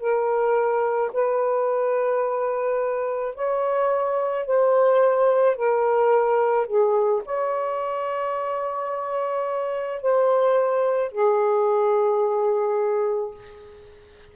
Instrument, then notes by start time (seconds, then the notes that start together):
saxophone
0.00 A#4
1.13 B4
3.35 C#5
4.46 C5
5.56 A#4
6.66 G#4
7.25 C#5
10.02 C5
11.12 G#4